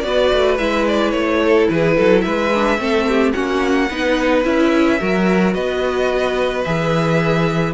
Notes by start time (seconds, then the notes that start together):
0.00 B3 F#4 B4 D5
0.32 A3
0.58 G#3 E4 E5
0.87 D5
1.11 A3 C#5
1.44 A4
1.70 E3 G#4 B4
1.97 F#3 A4
2.21 G#3 B4 E5
2.55 D4
2.78 A3 C4 A4
3.08 G4
3.33 A#3 C#4 F#4 F#5
3.89 B3 D#4 B4
4.44 C#4 E4 E5
4.99 F#3 F#4 A#4
5.54 B3 B4 D#5
6.64 E3 G#4 E5